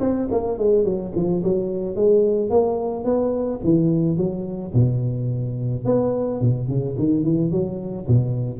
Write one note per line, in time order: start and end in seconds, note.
0.00 0.28 C4
0.31 0.58 A#3
0.58 0.84 G#3
0.84 1.12 F#3
1.15 1.43 F3
1.43 1.95 F#3
1.95 2.50 G#3
2.50 3.04 A#3
3.04 3.60 B3
3.64 4.17 E3
4.17 4.73 F#3
4.74 5.85 B2
5.85 6.41 B3
6.41 6.68 B2
6.68 6.96 C#3
6.98 7.23 D#3
7.23 7.51 E3
7.51 8.07 F#3
8.08 8.60 B2